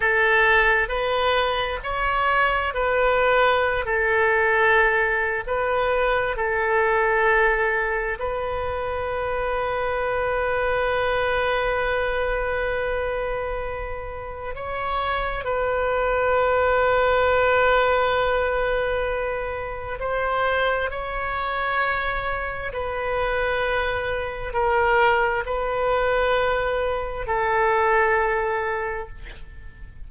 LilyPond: \new Staff \with { instrumentName = "oboe" } { \time 4/4 \tempo 4 = 66 a'4 b'4 cis''4 b'4~ | b'16 a'4.~ a'16 b'4 a'4~ | a'4 b'2.~ | b'1 |
cis''4 b'2.~ | b'2 c''4 cis''4~ | cis''4 b'2 ais'4 | b'2 a'2 | }